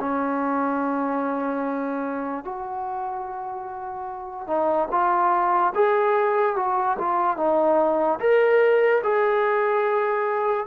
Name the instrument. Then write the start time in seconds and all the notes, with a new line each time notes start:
trombone
0.00 C#4
2.45 F#4
4.48 D#4
4.91 F4
5.75 G#4
6.56 F#4
6.99 F4
7.37 D#4
8.20 A#4
9.04 G#4